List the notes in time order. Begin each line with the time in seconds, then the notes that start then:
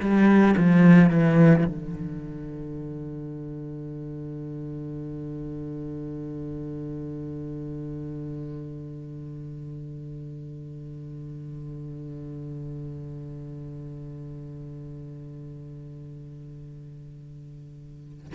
0.00 G3
0.58 F3
1.10 E3
1.67 D3